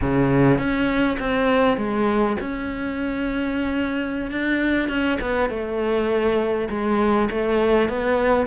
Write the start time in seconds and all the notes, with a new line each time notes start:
0.01 C#3
0.58 C#4
1.19 C4
1.77 G#3
2.40 C#4
4.31 D4
4.88 C#4
5.20 B3
5.50 A3
6.69 G#3
7.30 A3
7.88 B3